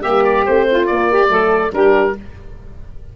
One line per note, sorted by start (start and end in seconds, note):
0.00 0.43 G3
0.00 0.46 A#3
0.00 0.66 G4
0.00 0.23 E5
0.24 0.45 D5
0.46 0.90 A3
0.46 0.89 C4
0.46 0.87 C5
0.71 1.11 F4
0.87 1.29 A#3
0.87 1.28 A#3
0.87 1.72 D5
1.11 1.31 G4
1.28 1.72 F#3
1.28 1.71 A3
1.28 1.73 A4
1.72 2.15 G3
1.72 2.16 D4
1.72 2.16 G4
1.72 2.17 A#4